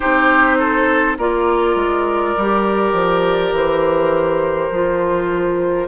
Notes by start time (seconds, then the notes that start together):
0.00 C4 D#4 G4 C5
0.58 A4
1.17 A#3 F4 A#4 D5
1.75 G#3
2.36 G3 G4
2.93 F3
3.52 E3 C5
4.71 F3 F4